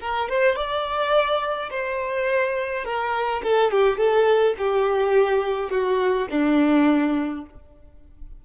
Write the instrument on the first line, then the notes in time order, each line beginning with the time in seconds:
violin
0.00 A#4
0.29 C5
0.55 D5
1.70 C5
2.84 A#4
3.43 A4
3.71 G4
3.97 A4
4.58 G4
5.70 F#4
6.30 D4